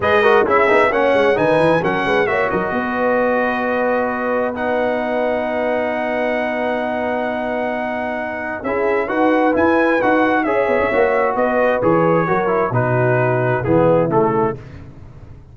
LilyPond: <<
  \new Staff \with { instrumentName = "trumpet" } { \time 4/4 \tempo 4 = 132 dis''4 e''4 fis''4 gis''4 | fis''4 e''8 dis''2~ dis''8~ | dis''2 fis''2~ | fis''1~ |
fis''2. e''4 | fis''4 gis''4 fis''4 e''4~ | e''4 dis''4 cis''2 | b'2 gis'4 a'4 | }
  \new Staff \with { instrumentName = "horn" } { \time 4/4 b'8 ais'8 gis'4 cis''4 b'4 | ais'8 b'8 cis''8 ais'8 b'2~ | b'1~ | b'1~ |
b'2. gis'4 | b'2. cis''4~ | cis''4 b'2 ais'4 | fis'2 e'2 | }
  \new Staff \with { instrumentName = "trombone" } { \time 4/4 gis'8 fis'8 e'8 dis'8 cis'4 dis'4 | cis'4 fis'2.~ | fis'2 dis'2~ | dis'1~ |
dis'2. e'4 | fis'4 e'4 fis'4 gis'4 | fis'2 gis'4 fis'8 e'8 | dis'2 b4 a4 | }
  \new Staff \with { instrumentName = "tuba" } { \time 4/4 gis4 cis'8 b8 ais8 gis8 dis8 e8 | fis8 gis8 ais8 fis8 b2~ | b1~ | b1~ |
b2. cis'4 | dis'4 e'4 dis'4 cis'8 b16 cis'16 | ais4 b4 e4 fis4 | b,2 e4 cis4 | }
>>